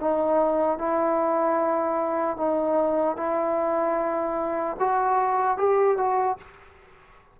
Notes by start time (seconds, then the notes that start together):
0.00 D#4
0.78 E4
2.37 D#4
3.16 E4
4.79 F#4
5.57 G4
5.97 F#4